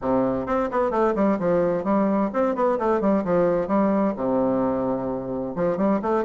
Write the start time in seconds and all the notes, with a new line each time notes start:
0.01 C3
0.46 C4
0.71 B3
0.90 A3
1.15 G3
1.39 F3
1.84 G3
2.33 C4
2.55 B3
2.78 A3
3.00 G3
3.24 F3
3.67 G3
4.16 C3
5.55 F3
5.77 G3
6.02 A3